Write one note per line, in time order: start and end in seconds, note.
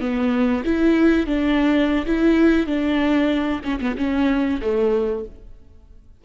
0.00 0.63 B3
0.65 1.27 E4
1.27 2.06 D4
2.06 2.66 E4
2.66 3.61 D4
3.64 3.80 C#4
3.80 3.96 B3
3.97 4.60 C#4
4.61 5.24 A3